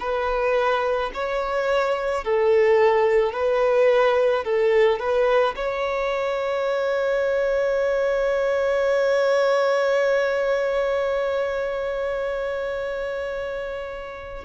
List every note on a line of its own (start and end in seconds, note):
0.00 1.11 B4
1.14 2.24 C#5
2.24 3.33 A4
3.33 4.44 B4
4.44 4.99 A4
4.99 5.55 B4
5.56 14.45 C#5